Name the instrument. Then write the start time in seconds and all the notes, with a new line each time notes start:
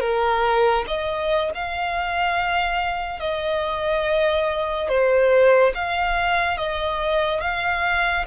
violin
0.00 A#4
0.87 D#5
1.54 F5
3.20 D#5
4.89 C5
5.74 F5
6.57 D#5
7.40 F5